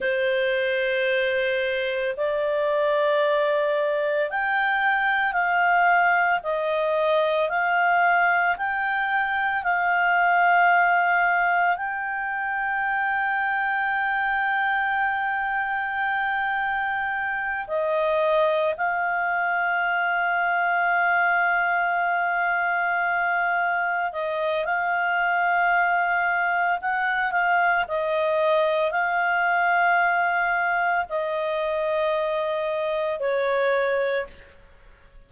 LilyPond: \new Staff \with { instrumentName = "clarinet" } { \time 4/4 \tempo 4 = 56 c''2 d''2 | g''4 f''4 dis''4 f''4 | g''4 f''2 g''4~ | g''1~ |
g''8 dis''4 f''2~ f''8~ | f''2~ f''8 dis''8 f''4~ | f''4 fis''8 f''8 dis''4 f''4~ | f''4 dis''2 cis''4 | }